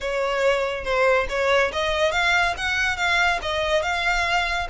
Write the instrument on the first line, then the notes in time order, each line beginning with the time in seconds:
violin
0.01 C#5
0.84 C5
1.29 C#5
1.72 D#5
2.11 F5
2.57 F#5
2.96 F5
3.42 D#5
3.82 F5